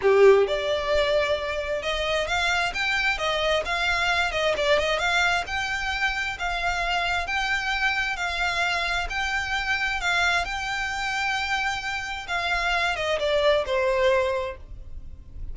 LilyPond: \new Staff \with { instrumentName = "violin" } { \time 4/4 \tempo 4 = 132 g'4 d''2. | dis''4 f''4 g''4 dis''4 | f''4. dis''8 d''8 dis''8 f''4 | g''2 f''2 |
g''2 f''2 | g''2 f''4 g''4~ | g''2. f''4~ | f''8 dis''8 d''4 c''2 | }